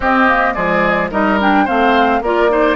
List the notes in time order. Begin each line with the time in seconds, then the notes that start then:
0.00 C4 G4 D#5
0.28 A#3
0.53 F3 G#3 G#4 D5
1.10 G3 D#4 A#4 D#5
1.39 D4 G5
1.64 A3 C4 C5 F5
2.21 A#3 F4 A#4 D5
2.49 D#4 C5